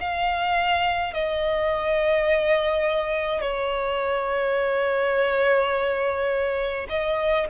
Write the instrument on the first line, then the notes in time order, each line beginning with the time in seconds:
violin
0.00 F5
1.13 D#5
3.41 C#5
6.89 D#5